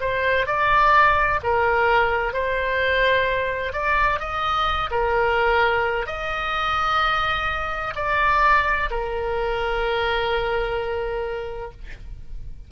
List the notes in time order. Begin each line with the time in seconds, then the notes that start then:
0.00 C5
0.46 D5
1.43 A#4
2.33 C5
3.73 D5
4.19 D#5
4.90 A#4
6.06 D#5
7.96 D5
8.90 A#4